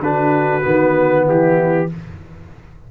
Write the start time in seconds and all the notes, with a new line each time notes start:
0.00 D3 D4 F#4 B4
0.62 D#3 B3
1.25 E3 E4 G4